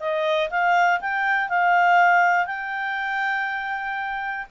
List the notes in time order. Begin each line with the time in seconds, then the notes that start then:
0.00 D#5
0.50 F5
1.01 G5
1.49 F5
2.47 G5